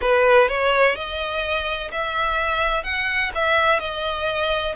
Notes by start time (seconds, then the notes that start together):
0.01 B4
0.48 C#5
0.95 D#5
1.91 E5
2.83 F#5
3.35 E5
3.79 D#5